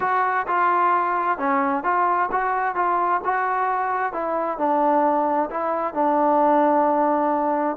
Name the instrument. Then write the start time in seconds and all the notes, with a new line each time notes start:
trombone
0.00 F#4
0.47 F4
1.38 C#4
1.83 F4
2.31 F#4
2.75 F4
3.24 F#4
4.12 E4
4.58 D4
5.50 E4
5.94 D4